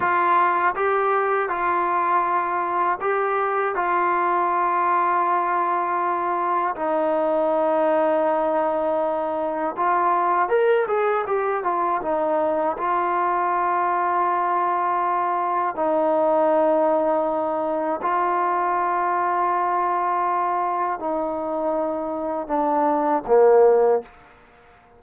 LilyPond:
\new Staff \with { instrumentName = "trombone" } { \time 4/4 \tempo 4 = 80 f'4 g'4 f'2 | g'4 f'2.~ | f'4 dis'2.~ | dis'4 f'4 ais'8 gis'8 g'8 f'8 |
dis'4 f'2.~ | f'4 dis'2. | f'1 | dis'2 d'4 ais4 | }